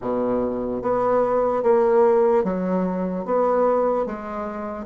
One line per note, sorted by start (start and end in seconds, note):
0.01 0.81 B2
0.81 1.62 B3
1.62 2.43 A#3
2.44 3.25 F#3
3.25 4.05 B3
4.05 4.86 G#3